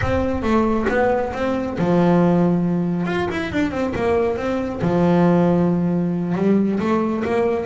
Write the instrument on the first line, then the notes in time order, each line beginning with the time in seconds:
double bass
0.01 C4
0.42 A3
0.88 B3
1.33 C4
1.78 F3
3.06 F4
3.30 E4
3.52 D4
3.71 C4
3.95 A#3
4.36 C4
4.81 F3
6.35 G3
6.79 A3
7.24 A#3